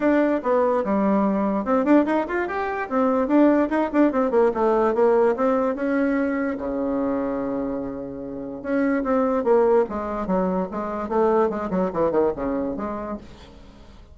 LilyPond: \new Staff \with { instrumentName = "bassoon" } { \time 4/4 \tempo 4 = 146 d'4 b4 g2 | c'8 d'8 dis'8 f'8 g'4 c'4 | d'4 dis'8 d'8 c'8 ais8 a4 | ais4 c'4 cis'2 |
cis1~ | cis4 cis'4 c'4 ais4 | gis4 fis4 gis4 a4 | gis8 fis8 e8 dis8 cis4 gis4 | }